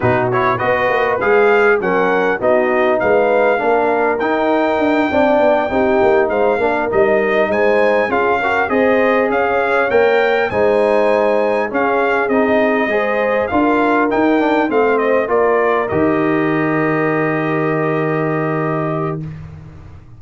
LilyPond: <<
  \new Staff \with { instrumentName = "trumpet" } { \time 4/4 \tempo 4 = 100 b'8 cis''8 dis''4 f''4 fis''4 | dis''4 f''2 g''4~ | g''2~ g''8 f''4 dis''8~ | dis''8 gis''4 f''4 dis''4 f''8~ |
f''8 g''4 gis''2 f''8~ | f''8 dis''2 f''4 g''8~ | g''8 f''8 dis''8 d''4 dis''4.~ | dis''1 | }
  \new Staff \with { instrumentName = "horn" } { \time 4/4 fis'4 b'2 ais'4 | fis'4 b'4 ais'2~ | ais'8 d''4 g'4 c''8 ais'4~ | ais'8 c''4 gis'8 ais'8 c''4 cis''8~ |
cis''4. c''2 gis'8~ | gis'4. c''4 ais'4.~ | ais'8 c''4 ais'2~ ais'8~ | ais'1 | }
  \new Staff \with { instrumentName = "trombone" } { \time 4/4 dis'8 e'8 fis'4 gis'4 cis'4 | dis'2 d'4 dis'4~ | dis'8 d'4 dis'4. d'8 dis'8~ | dis'4. f'8 fis'8 gis'4.~ |
gis'8 ais'4 dis'2 cis'8~ | cis'8 dis'4 gis'4 f'4 dis'8 | d'8 c'4 f'4 g'4.~ | g'1 | }
  \new Staff \with { instrumentName = "tuba" } { \time 4/4 b,4 b8 ais8 gis4 fis4 | b4 gis4 ais4 dis'4 | d'8 c'8 b8 c'8 ais8 gis8 ais8 g8~ | g8 gis4 cis'4 c'4 cis'8~ |
cis'8 ais4 gis2 cis'8~ | cis'8 c'4 gis4 d'4 dis'8~ | dis'8 a4 ais4 dis4.~ | dis1 | }
>>